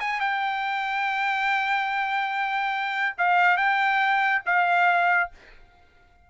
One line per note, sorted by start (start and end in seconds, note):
0.00 0.20 G#5
0.20 3.16 G5
3.18 3.57 F5
3.57 4.42 G5
4.46 5.31 F5